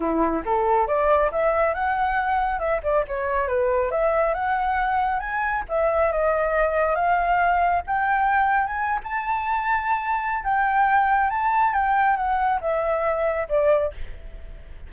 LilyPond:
\new Staff \with { instrumentName = "flute" } { \time 4/4 \tempo 4 = 138 e'4 a'4 d''4 e''4 | fis''2 e''8 d''8 cis''4 | b'4 e''4 fis''2 | gis''4 e''4 dis''2 |
f''2 g''2 | gis''8. a''2.~ a''16 | g''2 a''4 g''4 | fis''4 e''2 d''4 | }